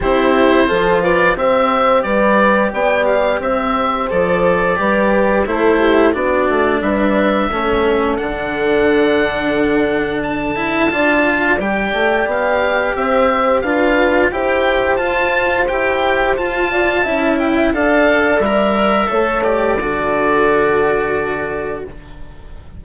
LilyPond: <<
  \new Staff \with { instrumentName = "oboe" } { \time 4/4 \tempo 4 = 88 c''4. d''8 e''4 d''4 | g''8 f''8 e''4 d''2 | c''4 d''4 e''2 | fis''2. a''4~ |
a''4 g''4 f''4 e''4 | f''4 g''4 a''4 g''4 | a''4. g''8 f''4 e''4~ | e''8 d''2.~ d''8 | }
  \new Staff \with { instrumentName = "horn" } { \time 4/4 g'4 a'8 b'8 c''4 b'4 | d''4 c''2 b'4 | a'8 g'8 fis'4 b'4 a'4~ | a'1 |
d''2. c''4 | b'4 c''2.~ | c''8 d''8 e''4 d''2 | cis''4 a'2. | }
  \new Staff \with { instrumentName = "cello" } { \time 4/4 e'4 f'4 g'2~ | g'2 a'4 g'4 | e'4 d'2 cis'4 | d'2.~ d'8 e'8 |
f'4 g'2. | f'4 g'4 f'4 g'4 | f'4 e'4 a'4 ais'4 | a'8 g'8 fis'2. | }
  \new Staff \with { instrumentName = "bassoon" } { \time 4/4 c'4 f4 c'4 g4 | b4 c'4 f4 g4 | a4 b8 a8 g4 a4 | d1 |
d'4 g8 a8 b4 c'4 | d'4 e'4 f'4 e'4 | f'4 cis'4 d'4 g4 | a4 d2. | }
>>